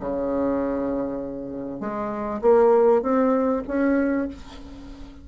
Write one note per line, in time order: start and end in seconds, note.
0.00 1.80 C#3
1.80 2.41 G#3
2.41 3.02 A#3
3.02 3.63 C4
3.67 4.28 C#4